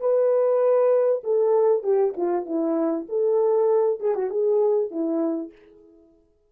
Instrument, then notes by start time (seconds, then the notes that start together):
horn
0.00 B4
1.24 A4
1.83 G4
2.17 F4
2.46 E4
3.09 A4
4.00 G#4
4.15 F#4
4.30 G#4
4.91 E4